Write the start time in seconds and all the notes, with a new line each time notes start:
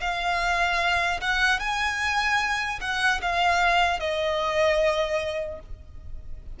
0.00 F5
1.20 F#5
1.59 G#5
2.80 F#5
3.21 F5
3.99 D#5